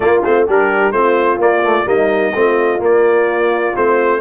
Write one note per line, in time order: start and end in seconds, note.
0.00 0.22 A#3
0.00 0.23 A#3
0.00 0.46 F4
0.00 0.22 D5
0.24 0.48 A3
0.24 0.47 C4
0.24 0.47 C5
0.46 0.91 G3
0.46 0.93 D4
0.46 0.93 G4
0.46 0.92 A#4
0.91 1.38 A3
0.91 1.39 C4
0.91 1.87 F4
0.91 1.38 C5
1.38 1.85 A#3
1.38 1.63 A#3
1.38 1.87 D5
1.63 1.85 A3
1.85 2.32 G3
1.85 2.32 A#3
1.85 2.34 D#4
1.85 2.81 D#5
2.34 2.79 A3
2.34 2.78 C4
2.34 4.21 F4
2.78 3.72 A#3
2.78 3.73 A#3
2.78 3.76 D5
3.76 4.21 A3
3.76 4.21 C4
3.76 4.21 C5